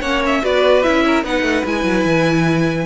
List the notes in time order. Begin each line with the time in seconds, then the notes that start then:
0.00 A#3 C#4 C#5 F#5
0.26 E5
0.42 B3 F#4 B4 D5
0.83 C#4 E4 E5
1.06 A#4
1.23 B3 D#4 B4 F#5
1.42 A3
1.65 G#3 E4 G#5
1.84 F#3
2.05 E3